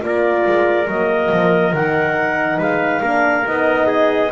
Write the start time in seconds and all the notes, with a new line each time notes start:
0.00 A#3 F4 A#4 D5
0.46 G#3
0.87 F#3 A#3 D#5
1.31 F3
1.72 D#3 D#4 F#5
2.57 G#3 B4 F5
3.01 A#3 D4 A#4
3.43 B3 D#4 D#5
3.87 G#4